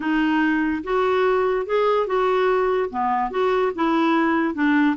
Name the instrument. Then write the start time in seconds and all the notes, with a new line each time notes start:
clarinet
0.00 D#4
0.83 F#4
1.66 G#4
2.07 F#4
2.90 B3
3.30 F#4
3.75 E4
4.54 D4